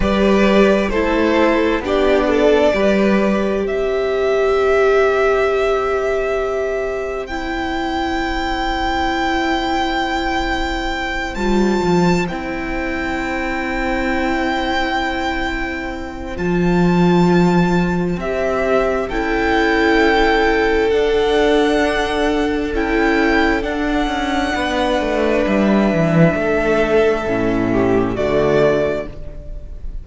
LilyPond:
<<
  \new Staff \with { instrumentName = "violin" } { \time 4/4 \tempo 4 = 66 d''4 c''4 d''2 | e''1 | g''1~ | g''8 a''4 g''2~ g''8~ |
g''2 a''2 | e''4 g''2 fis''4~ | fis''4 g''4 fis''2 | e''2. d''4 | }
  \new Staff \with { instrumentName = "violin" } { \time 4/4 b'4 a'4 g'8 a'8 b'4 | c''1~ | c''1~ | c''1~ |
c''1~ | c''4 a'2.~ | a'2. b'4~ | b'4 a'4. g'8 fis'4 | }
  \new Staff \with { instrumentName = "viola" } { \time 4/4 g'4 e'4 d'4 g'4~ | g'1 | e'1~ | e'8 f'4 e'2~ e'8~ |
e'2 f'2 | g'4 e'2 d'4~ | d'4 e'4 d'2~ | d'2 cis'4 a4 | }
  \new Staff \with { instrumentName = "cello" } { \time 4/4 g4 a4 b4 g4 | c'1~ | c'1~ | c'8 g8 f8 c'2~ c'8~ |
c'2 f2 | c'4 cis'2 d'4~ | d'4 cis'4 d'8 cis'8 b8 a8 | g8 e8 a4 a,4 d4 | }
>>